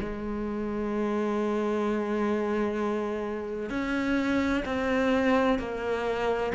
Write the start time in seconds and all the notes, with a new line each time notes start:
0.00 G#3
3.70 C#4
4.65 C4
5.59 A#3